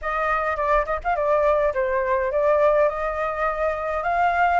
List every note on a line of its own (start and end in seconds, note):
0.01 0.56 D#5
0.56 0.85 D5
0.85 1.00 D#5
1.04 1.15 F5
1.15 1.73 D5
1.73 2.31 C5
2.31 2.88 D5
2.88 4.03 D#5
4.03 4.59 F5